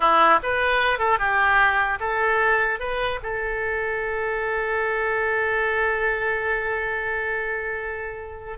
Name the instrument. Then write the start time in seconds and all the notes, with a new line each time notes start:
oboe
0.00 E4
0.42 B4
0.98 A4
1.19 G4
2.00 A4
2.79 B4
3.22 A4